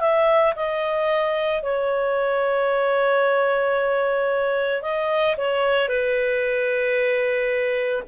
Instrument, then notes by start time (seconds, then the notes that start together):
clarinet
0.00 E5
0.56 D#5
1.62 C#5
4.82 D#5
5.37 C#5
5.88 B4